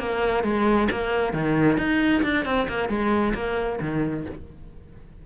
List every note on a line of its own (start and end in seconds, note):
0.00 0.44 A#3
0.44 0.89 G#3
0.92 1.34 A#3
1.34 1.78 D#3
1.78 2.23 D#4
2.23 2.45 D4
2.45 2.68 C4
2.69 2.89 A#3
2.89 3.34 G#3
3.35 3.80 A#3
3.81 4.26 D#3